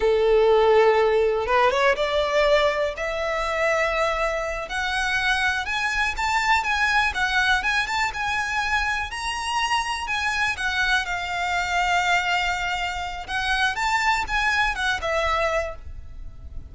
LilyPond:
\new Staff \with { instrumentName = "violin" } { \time 4/4 \tempo 4 = 122 a'2. b'8 cis''8 | d''2 e''2~ | e''4. fis''2 gis''8~ | gis''8 a''4 gis''4 fis''4 gis''8 |
a''8 gis''2 ais''4.~ | ais''8 gis''4 fis''4 f''4.~ | f''2. fis''4 | a''4 gis''4 fis''8 e''4. | }